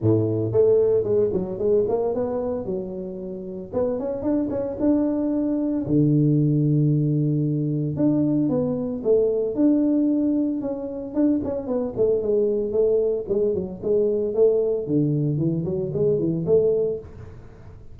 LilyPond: \new Staff \with { instrumentName = "tuba" } { \time 4/4 \tempo 4 = 113 a,4 a4 gis8 fis8 gis8 ais8 | b4 fis2 b8 cis'8 | d'8 cis'8 d'2 d4~ | d2. d'4 |
b4 a4 d'2 | cis'4 d'8 cis'8 b8 a8 gis4 | a4 gis8 fis8 gis4 a4 | d4 e8 fis8 gis8 e8 a4 | }